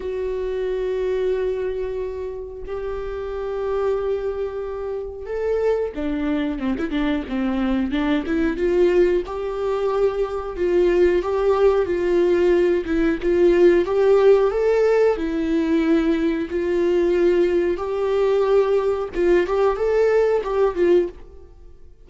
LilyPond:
\new Staff \with { instrumentName = "viola" } { \time 4/4 \tempo 4 = 91 fis'1 | g'1 | a'4 d'4 c'16 e'16 d'8 c'4 | d'8 e'8 f'4 g'2 |
f'4 g'4 f'4. e'8 | f'4 g'4 a'4 e'4~ | e'4 f'2 g'4~ | g'4 f'8 g'8 a'4 g'8 f'8 | }